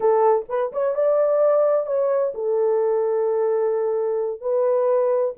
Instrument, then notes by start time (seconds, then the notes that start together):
horn
0.00 A4
0.48 B4
0.72 C#5
0.95 D5
1.86 C#5
2.34 A4
4.41 B4